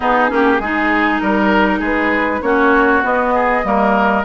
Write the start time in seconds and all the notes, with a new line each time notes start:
0.00 B3 D#4 G#4
0.28 A#3 C#4 G4
0.59 G#3 D#4 G#4
1.19 G3 A#4
1.79 G#3 G#4 B4
2.42 A#3 C#4 F#4 C#5
3.02 B3 D#5
3.34 G#4
3.63 G3 A#3 A#4